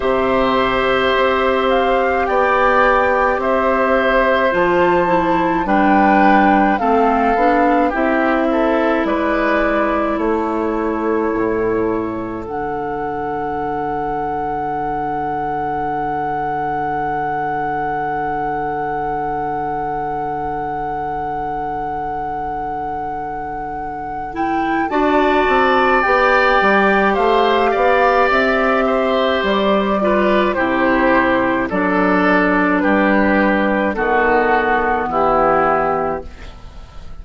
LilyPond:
<<
  \new Staff \with { instrumentName = "flute" } { \time 4/4 \tempo 4 = 53 e''4. f''8 g''4 e''4 | a''4 g''4 f''4 e''4 | d''4 cis''2 fis''4~ | fis''1~ |
fis''1~ | fis''4. g''8 a''4 g''4 | f''4 e''4 d''4 c''4 | d''4 b'4 a'4 g'4 | }
  \new Staff \with { instrumentName = "oboe" } { \time 4/4 c''2 d''4 c''4~ | c''4 b'4 a'4 g'8 a'8 | b'4 a'2.~ | a'1~ |
a'1~ | a'2 d''2 | c''8 d''4 c''4 b'8 g'4 | a'4 g'4 fis'4 e'4 | }
  \new Staff \with { instrumentName = "clarinet" } { \time 4/4 g'1 | f'8 e'8 d'4 c'8 d'8 e'4~ | e'2. d'4~ | d'1~ |
d'1~ | d'4. e'8 fis'4 g'4~ | g'2~ g'8 f'8 e'4 | d'2 b2 | }
  \new Staff \with { instrumentName = "bassoon" } { \time 4/4 c4 c'4 b4 c'4 | f4 g4 a8 b8 c'4 | gis4 a4 a,4 d4~ | d1~ |
d1~ | d2 d'8 c'8 b8 g8 | a8 b8 c'4 g4 c4 | fis4 g4 dis4 e4 | }
>>